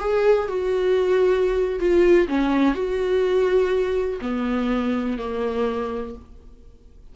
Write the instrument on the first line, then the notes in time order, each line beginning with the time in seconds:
viola
0.00 G#4
0.48 F#4
1.79 F4
2.28 C#4
2.75 F#4
4.21 B3
5.18 A#3